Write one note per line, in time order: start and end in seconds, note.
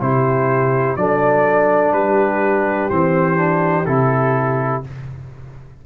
0.00 0.97 C3
0.00 0.97 E4
0.00 0.99 G4
0.00 0.96 C5
0.96 1.92 F#3
0.96 2.91 D4
0.96 1.95 A4
0.96 1.92 D5
1.92 2.89 G3
1.92 4.85 G4
1.92 2.89 B4
2.89 3.86 E3
2.89 3.36 C4
2.89 3.85 C5
3.36 3.85 D4
3.85 4.83 C3
3.85 4.83 E4
3.85 4.82 A4